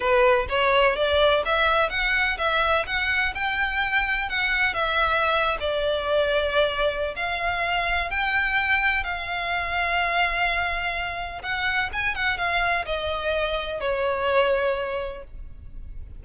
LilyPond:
\new Staff \with { instrumentName = "violin" } { \time 4/4 \tempo 4 = 126 b'4 cis''4 d''4 e''4 | fis''4 e''4 fis''4 g''4~ | g''4 fis''4 e''4.~ e''16 d''16~ | d''2. f''4~ |
f''4 g''2 f''4~ | f''1 | fis''4 gis''8 fis''8 f''4 dis''4~ | dis''4 cis''2. | }